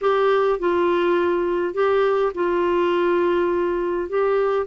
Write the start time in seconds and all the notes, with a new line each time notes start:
0.01 G4
0.59 F4
1.74 G4
2.34 F4
4.09 G4